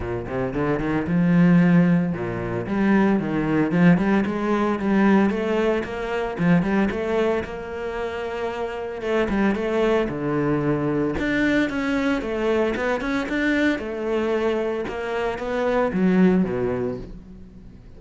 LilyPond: \new Staff \with { instrumentName = "cello" } { \time 4/4 \tempo 4 = 113 ais,8 c8 d8 dis8 f2 | ais,4 g4 dis4 f8 g8 | gis4 g4 a4 ais4 | f8 g8 a4 ais2~ |
ais4 a8 g8 a4 d4~ | d4 d'4 cis'4 a4 | b8 cis'8 d'4 a2 | ais4 b4 fis4 b,4 | }